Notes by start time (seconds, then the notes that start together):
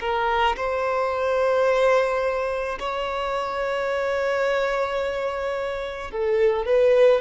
0.00 A#4
0.56 C5
2.79 C#5
6.11 A4
6.66 B4